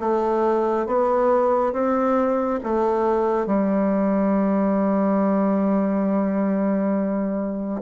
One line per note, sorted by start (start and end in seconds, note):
0.00 0.87 A3
0.87 1.73 B3
1.73 2.60 C4
2.64 3.47 A3
3.47 7.81 G3